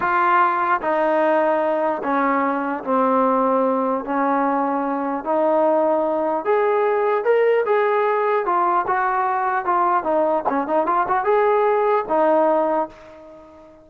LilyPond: \new Staff \with { instrumentName = "trombone" } { \time 4/4 \tempo 4 = 149 f'2 dis'2~ | dis'4 cis'2 c'4~ | c'2 cis'2~ | cis'4 dis'2. |
gis'2 ais'4 gis'4~ | gis'4 f'4 fis'2 | f'4 dis'4 cis'8 dis'8 f'8 fis'8 | gis'2 dis'2 | }